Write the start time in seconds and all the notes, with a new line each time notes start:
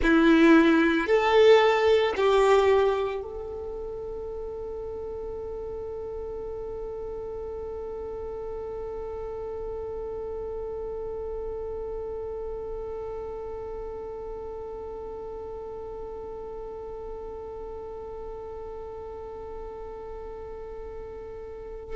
0.02 E4
1.06 A4
2.16 G4
3.21 A4